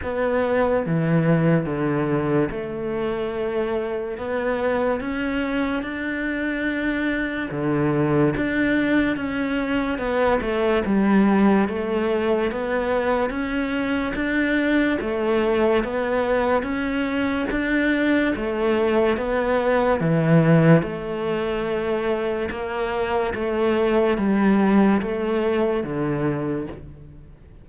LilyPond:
\new Staff \with { instrumentName = "cello" } { \time 4/4 \tempo 4 = 72 b4 e4 d4 a4~ | a4 b4 cis'4 d'4~ | d'4 d4 d'4 cis'4 | b8 a8 g4 a4 b4 |
cis'4 d'4 a4 b4 | cis'4 d'4 a4 b4 | e4 a2 ais4 | a4 g4 a4 d4 | }